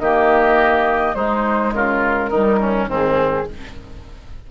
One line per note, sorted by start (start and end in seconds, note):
0.00 1.15 D#3
0.00 1.15 A#3
0.00 1.16 G4
0.00 1.15 D#5
1.15 1.73 G#3
1.15 2.31 G#3
1.15 1.74 D#4
1.15 1.73 C5
1.74 2.31 C#3
1.74 2.30 F4
1.74 2.90 A#4
2.30 2.87 D#3
2.30 2.88 G3
2.30 2.59 D#4
2.61 2.89 C#4
2.87 3.45 G#2
2.87 3.46 D#3
2.87 3.47 C4
2.93 3.51 G#4